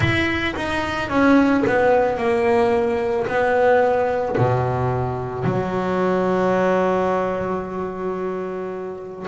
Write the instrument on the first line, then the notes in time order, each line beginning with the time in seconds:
double bass
0.00 E4
0.56 D#4
1.09 C#4
1.67 B3
2.17 A#3
3.26 B3
4.37 B2
5.44 F#3